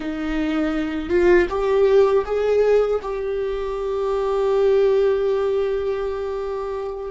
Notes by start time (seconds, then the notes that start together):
0.00 D#4
1.09 F4
1.49 G4
2.25 G#4
3.01 G4